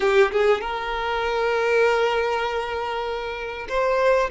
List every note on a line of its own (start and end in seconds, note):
0.00 0.31 G4
0.31 0.61 G#4
0.61 3.67 A#4
3.68 4.30 C5